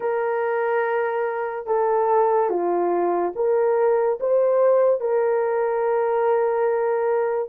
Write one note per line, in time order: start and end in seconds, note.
0.00 1.66 A#4
1.66 2.49 A4
2.49 3.33 F4
3.35 4.19 A#4
4.19 5.00 C5
5.00 7.49 A#4